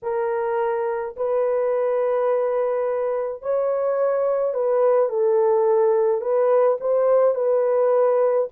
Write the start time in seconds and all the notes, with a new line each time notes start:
0.02 A#4
1.16 B4
3.41 C#5
4.53 B4
5.09 A4
6.21 B4
6.80 C5
7.34 B4